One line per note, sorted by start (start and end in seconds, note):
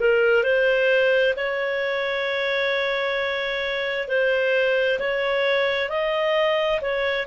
0.00 0.44 A#4
0.44 1.35 C5
1.37 4.09 C#5
4.09 5.00 C5
5.00 5.90 C#5
5.90 6.81 D#5
6.81 7.27 C#5